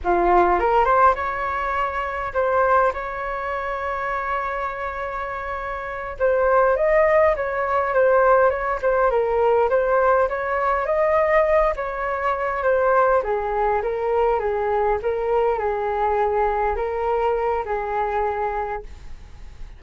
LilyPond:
\new Staff \with { instrumentName = "flute" } { \time 4/4 \tempo 4 = 102 f'4 ais'8 c''8 cis''2 | c''4 cis''2.~ | cis''2~ cis''8 c''4 dis''8~ | dis''8 cis''4 c''4 cis''8 c''8 ais'8~ |
ais'8 c''4 cis''4 dis''4. | cis''4. c''4 gis'4 ais'8~ | ais'8 gis'4 ais'4 gis'4.~ | gis'8 ais'4. gis'2 | }